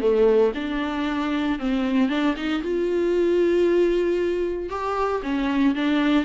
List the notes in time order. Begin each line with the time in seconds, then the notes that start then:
0.00 A3
0.55 D4
1.59 C4
2.09 D4
2.36 D#4
2.62 F4
4.69 G4
5.22 C#4
5.75 D4